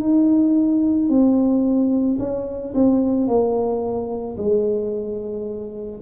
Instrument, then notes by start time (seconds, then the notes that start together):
tuba
0.00 D#4
1.09 C4
2.19 C#4
2.74 C4
3.28 A#3
4.37 G#3